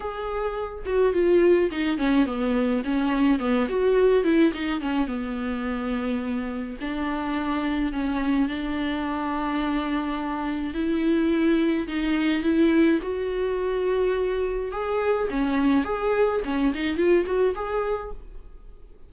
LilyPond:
\new Staff \with { instrumentName = "viola" } { \time 4/4 \tempo 4 = 106 gis'4. fis'8 f'4 dis'8 cis'8 | b4 cis'4 b8 fis'4 e'8 | dis'8 cis'8 b2. | d'2 cis'4 d'4~ |
d'2. e'4~ | e'4 dis'4 e'4 fis'4~ | fis'2 gis'4 cis'4 | gis'4 cis'8 dis'8 f'8 fis'8 gis'4 | }